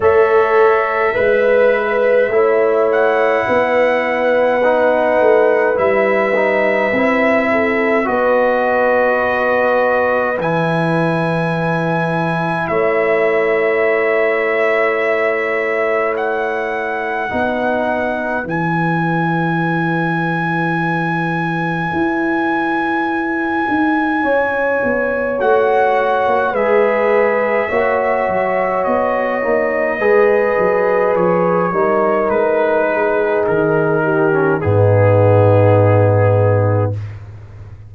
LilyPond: <<
  \new Staff \with { instrumentName = "trumpet" } { \time 4/4 \tempo 4 = 52 e''2~ e''8 fis''4.~ | fis''4 e''2 dis''4~ | dis''4 gis''2 e''4~ | e''2 fis''2 |
gis''1~ | gis''2 fis''4 e''4~ | e''4 dis''2 cis''4 | b'4 ais'4 gis'2 | }
  \new Staff \with { instrumentName = "horn" } { \time 4/4 cis''4 b'4 cis''4 b'4~ | b'2~ b'8 a'8 b'4~ | b'2. cis''4~ | cis''2. b'4~ |
b'1~ | b'4 cis''2 b'4 | cis''2 b'4. ais'8~ | ais'8 gis'4 g'8 dis'2 | }
  \new Staff \with { instrumentName = "trombone" } { \time 4/4 a'4 b'4 e'2 | dis'4 e'8 dis'8 e'4 fis'4~ | fis'4 e'2.~ | e'2. dis'4 |
e'1~ | e'2 fis'4 gis'4 | fis'4. dis'8 gis'4. dis'8~ | dis'4.~ dis'16 cis'16 b2 | }
  \new Staff \with { instrumentName = "tuba" } { \time 4/4 a4 gis4 a4 b4~ | b8 a8 g4 c'4 b4~ | b4 e2 a4~ | a2. b4 |
e2. e'4~ | e'8 dis'8 cis'8 b8 a8. ais16 gis4 | ais8 fis8 b8 ais8 gis8 fis8 f8 g8 | gis4 dis4 gis,2 | }
>>